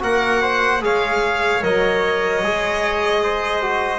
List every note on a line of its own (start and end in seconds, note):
0.00 0.82 A#3
0.00 0.80 F#4
0.00 0.42 A#4
0.00 0.84 F#5
0.42 0.82 C5
0.81 1.62 G#3
0.81 1.61 G#4
0.81 3.23 C#5
0.81 1.63 F5
1.62 2.43 F#3
1.62 2.42 A#4
1.62 3.99 D#5
2.43 3.99 G#3
2.43 3.62 G#4
3.23 3.99 C5
3.62 3.99 F#4